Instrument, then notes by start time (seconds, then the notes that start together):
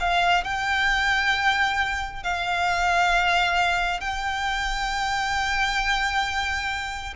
violin
0.00 F5
0.44 G5
2.23 F5
4.01 G5